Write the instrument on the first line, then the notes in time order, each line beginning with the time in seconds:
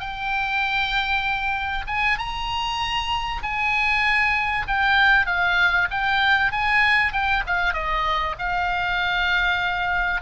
oboe
0.00 G5
1.88 G#5
2.19 A#5
3.43 G#5
4.68 G5
5.27 F5
5.91 G5
6.52 G#5
7.13 G5
7.47 F5
7.74 D#5
8.39 F5